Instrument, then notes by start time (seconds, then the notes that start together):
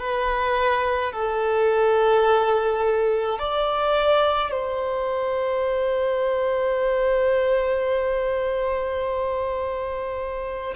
violin
0.00 B4
1.13 A4
3.39 D5
4.51 C5